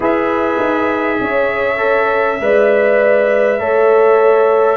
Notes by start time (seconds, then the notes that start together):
0.00 E4 G#4 B4 E5
0.59 D#4
1.20 C#4 C#5
1.77 A4
2.40 G#3 B4 D5
3.59 A3 A4 C#5